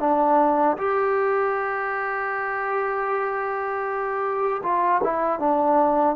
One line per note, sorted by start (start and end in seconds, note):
0.00 0.77 D4
0.78 4.62 G4
4.63 5.01 F4
5.03 5.40 E4
5.40 6.16 D4